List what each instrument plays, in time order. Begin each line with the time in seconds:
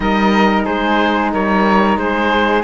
0.00 cello G3, saxophone D#4, flute A#4, oboe D#5
0.65 cello G#3, flute G#4, oboe C5
1.32 cello G3, flute A#4, oboe C#5
1.96 cello G#3, flute G#4, oboe C5